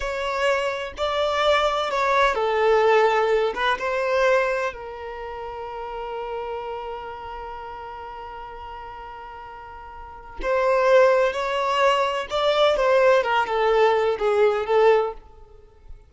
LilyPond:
\new Staff \with { instrumentName = "violin" } { \time 4/4 \tempo 4 = 127 cis''2 d''2 | cis''4 a'2~ a'8 b'8 | c''2 ais'2~ | ais'1~ |
ais'1~ | ais'2 c''2 | cis''2 d''4 c''4 | ais'8 a'4. gis'4 a'4 | }